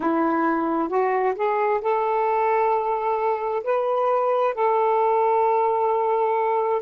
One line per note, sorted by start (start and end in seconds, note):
0.00 0.88 E4
0.88 1.34 F#4
1.35 1.80 G#4
1.81 3.63 A4
3.63 4.54 B4
4.54 6.81 A4